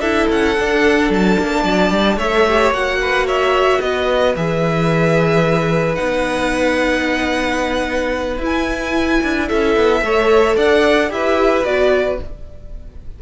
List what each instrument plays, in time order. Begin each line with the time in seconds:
0.00 cello D4, viola E4, violin A4 E5
0.29 cello C#4, violin F#5
0.58 viola D4, cello D4
1.09 cello F#3, violin A5
1.39 cello A#3
1.63 cello F#3, violin D5
1.90 cello G3
2.16 cello A3, viola A4, violin C#5 E5
2.48 viola G4
2.70 cello A#3, viola F#4, violin F#5
3.01 violin B4
3.26 violin C#5 E5
3.80 cello B3, violin B4 D#5
4.36 cello E3, viola G#4, violin E5
5.95 cello B3, viola D#4, violin F#5
8.38 cello E4, viola E4
8.45 violin G#5
9.23 cello D4
9.47 cello C#4, violin A4 E5
9.76 cello B3
10.01 cello A3, viola A4, violin C#5
10.56 cello D4, violin D5 F#5
11.09 cello E4, viola G4, violin B4 E5
11.64 cello B3, viola F#4, violin D5